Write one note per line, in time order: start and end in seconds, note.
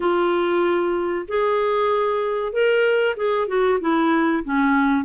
0.00 1.26 F4
1.28 2.52 G#4
2.52 3.16 A#4
3.16 3.47 G#4
3.47 3.79 F#4
3.80 4.43 E4
4.44 5.04 C#4